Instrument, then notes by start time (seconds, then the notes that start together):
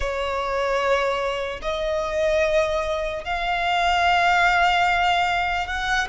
violin
0.00 C#5
1.62 D#5
3.24 F5
5.66 F#5